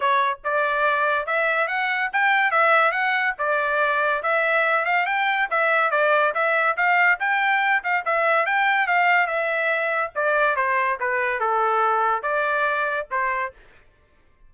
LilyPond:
\new Staff \with { instrumentName = "trumpet" } { \time 4/4 \tempo 4 = 142 cis''4 d''2 e''4 | fis''4 g''4 e''4 fis''4 | d''2 e''4. f''8 | g''4 e''4 d''4 e''4 |
f''4 g''4. f''8 e''4 | g''4 f''4 e''2 | d''4 c''4 b'4 a'4~ | a'4 d''2 c''4 | }